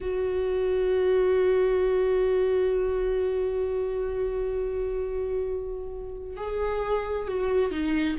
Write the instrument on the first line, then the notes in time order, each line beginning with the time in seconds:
viola
0.00 F#4
6.36 G#4
7.27 F#4
7.71 D#4